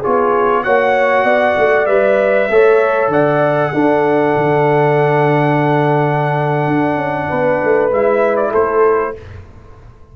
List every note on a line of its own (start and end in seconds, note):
0.00 0.65 F4
0.00 0.62 G#4
0.00 0.64 C#5
0.06 0.66 B3
0.64 1.24 A#3
0.64 1.87 F#4
0.64 1.25 C#5
0.64 1.86 F#5
1.24 1.55 B3
1.24 2.49 D5
1.57 1.86 A3
1.86 2.48 G3
1.86 2.49 B4
1.86 3.10 E5
2.49 3.08 A3
2.49 3.73 A4
2.49 3.12 C#5
3.08 3.70 D3
3.08 3.73 D5
3.08 7.92 F#5
3.73 7.91 D4
3.73 4.36 D4
3.73 7.28 A4
4.37 6.68 D3
6.68 6.95 D4
6.95 7.26 C#4
7.28 7.62 B3
7.28 8.51 B4
7.64 7.91 A3
7.91 8.53 G#3
7.91 9.15 E4
7.91 8.36 E5
8.36 8.52 D5
8.51 9.16 A3
8.51 9.13 A4
8.51 9.16 C5